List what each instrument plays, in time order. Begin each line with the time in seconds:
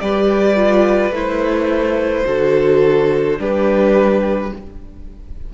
0.00 cello G3, viola G4, violin B4 D5
0.56 viola F4
1.11 cello A3, viola E4, violin C5
2.27 cello D3, viola F#4, violin A4
3.39 cello G3, viola D4, violin G4 B4